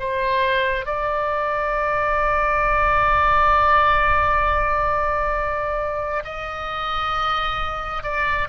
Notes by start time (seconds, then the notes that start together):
0.00 C5
0.86 D5
6.24 D#5
8.04 D5